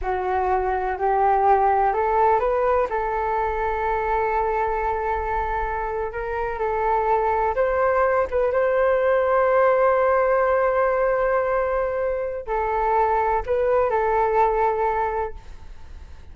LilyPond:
\new Staff \with { instrumentName = "flute" } { \time 4/4 \tempo 4 = 125 fis'2 g'2 | a'4 b'4 a'2~ | a'1~ | a'8. ais'4 a'2 c''16~ |
c''4~ c''16 b'8 c''2~ c''16~ | c''1~ | c''2 a'2 | b'4 a'2. | }